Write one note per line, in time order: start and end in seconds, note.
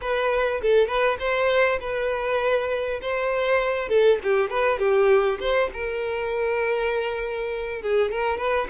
0.01 0.61 B4
0.61 0.87 A4
0.87 1.17 B4
1.19 1.79 C5
1.80 3.00 B4
3.01 3.88 C5
3.88 4.18 A4
4.23 4.50 G4
4.50 4.78 B4
4.78 5.38 G4
5.40 5.70 C5
5.73 7.82 A#4
7.82 8.11 G#4
8.11 8.37 A#4
8.37 8.67 B4